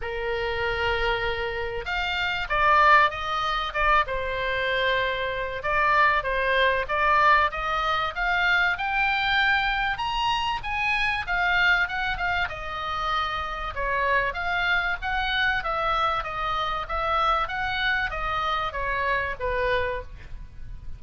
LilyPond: \new Staff \with { instrumentName = "oboe" } { \time 4/4 \tempo 4 = 96 ais'2. f''4 | d''4 dis''4 d''8 c''4.~ | c''4 d''4 c''4 d''4 | dis''4 f''4 g''2 |
ais''4 gis''4 f''4 fis''8 f''8 | dis''2 cis''4 f''4 | fis''4 e''4 dis''4 e''4 | fis''4 dis''4 cis''4 b'4 | }